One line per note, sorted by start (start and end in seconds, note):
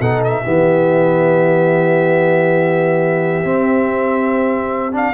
0.00 0.43 B2
0.00 0.44 D#4
0.00 0.43 A4
0.00 0.22 F#5
0.24 4.95 E5
0.43 3.44 E3
0.43 3.44 B3
0.43 5.14 G4
3.44 5.14 C4
3.44 4.92 C4
4.92 5.13 D4
4.92 5.14 F5